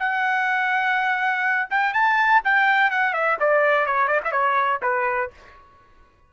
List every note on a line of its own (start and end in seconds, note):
0.00 1.69 F#5
1.71 1.94 G5
1.94 2.42 A5
2.45 2.91 G5
2.91 3.14 F#5
3.14 3.38 E5
3.40 3.87 D5
3.87 4.08 C#5
4.08 4.21 D5
4.25 4.32 E5
4.32 4.81 C#5
4.83 5.31 B4